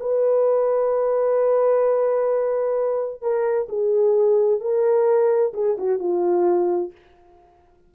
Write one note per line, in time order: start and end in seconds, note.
0.00 3.21 B4
3.21 3.68 A#4
3.69 4.60 G#4
4.60 5.53 A#4
5.54 5.77 G#4
5.78 5.99 F#4
5.99 6.91 F4